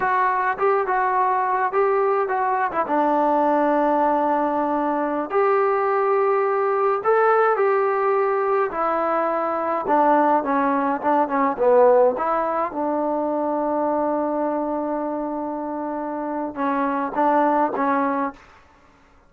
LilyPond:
\new Staff \with { instrumentName = "trombone" } { \time 4/4 \tempo 4 = 105 fis'4 g'8 fis'4. g'4 | fis'8. e'16 d'2.~ | d'4~ d'16 g'2~ g'8.~ | g'16 a'4 g'2 e'8.~ |
e'4~ e'16 d'4 cis'4 d'8 cis'16~ | cis'16 b4 e'4 d'4.~ d'16~ | d'1~ | d'4 cis'4 d'4 cis'4 | }